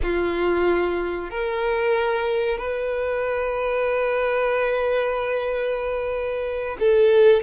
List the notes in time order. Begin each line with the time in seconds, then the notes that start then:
0.02 F4
1.30 A#4
2.57 B4
6.79 A4